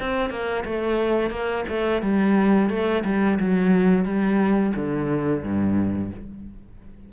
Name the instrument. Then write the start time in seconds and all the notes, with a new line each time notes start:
cello
0.00 C4
0.30 A#3
0.65 A3
1.30 A#3
1.69 A3
2.02 G3
2.69 A3
3.05 G3
3.40 F#3
4.05 G3
4.75 D3
5.43 G2